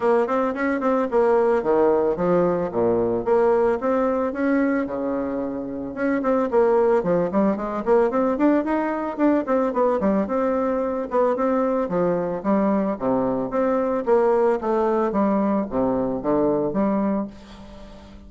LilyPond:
\new Staff \with { instrumentName = "bassoon" } { \time 4/4 \tempo 4 = 111 ais8 c'8 cis'8 c'8 ais4 dis4 | f4 ais,4 ais4 c'4 | cis'4 cis2 cis'8 c'8 | ais4 f8 g8 gis8 ais8 c'8 d'8 |
dis'4 d'8 c'8 b8 g8 c'4~ | c'8 b8 c'4 f4 g4 | c4 c'4 ais4 a4 | g4 c4 d4 g4 | }